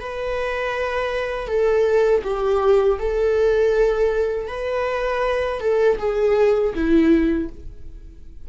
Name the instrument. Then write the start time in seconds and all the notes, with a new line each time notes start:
viola
0.00 B4
1.47 A4
2.23 G4
2.99 A4
4.48 B4
5.60 A4
5.98 G#4
6.74 E4